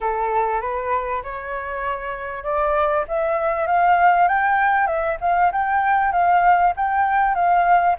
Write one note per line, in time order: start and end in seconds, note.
0.00 0.61 A4
0.61 1.22 B4
1.23 2.43 C#5
2.43 3.04 D5
3.08 3.67 E5
3.67 4.27 F5
4.27 4.86 G5
4.86 5.17 E5
5.20 5.51 F5
5.52 6.12 G5
6.12 6.73 F5
6.76 7.35 G5
7.35 7.96 F5